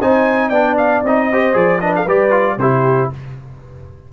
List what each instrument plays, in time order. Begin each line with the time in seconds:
0.00 tuba C4, trombone D#4, horn C5, trumpet G#5
0.49 tuba B3, trombone D4, horn D5, trumpet G5
0.77 trumpet F5
1.03 tuba C4, trombone D#4, trumpet D#5
1.31 trombone G4, horn C5
1.53 tuba F3, trombone G#4, trumpet D5
1.81 trombone D4, horn B4, trumpet D#5
1.96 horn A4, trumpet F5
2.05 tuba G3, trombone G4, horn B4, trumpet D5
2.31 trombone F4
2.57 tuba C3, trombone E4, horn G4, trumpet C5